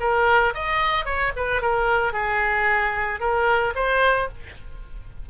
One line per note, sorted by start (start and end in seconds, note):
0.00 0.54 A#4
0.54 1.05 D#5
1.05 1.32 C#5
1.36 1.61 B4
1.61 2.13 A#4
2.13 3.20 G#4
3.20 3.73 A#4
3.75 4.29 C5